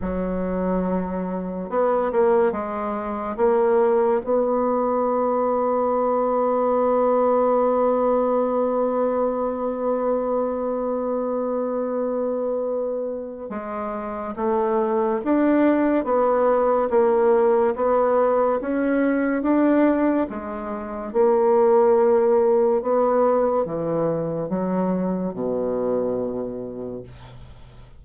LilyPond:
\new Staff \with { instrumentName = "bassoon" } { \time 4/4 \tempo 4 = 71 fis2 b8 ais8 gis4 | ais4 b2.~ | b1~ | b1 |
gis4 a4 d'4 b4 | ais4 b4 cis'4 d'4 | gis4 ais2 b4 | e4 fis4 b,2 | }